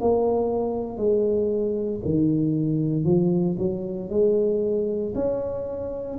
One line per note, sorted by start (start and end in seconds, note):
0.00 0.97 A#3
0.97 2.00 G#3
2.05 3.04 D#3
3.04 3.56 F3
3.58 4.10 F#3
4.10 5.13 G#3
5.14 6.18 C#4